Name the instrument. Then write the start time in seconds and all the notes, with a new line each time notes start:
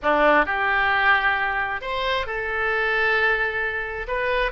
oboe
0.02 D4
0.45 G4
1.81 C5
2.26 A4
4.07 B4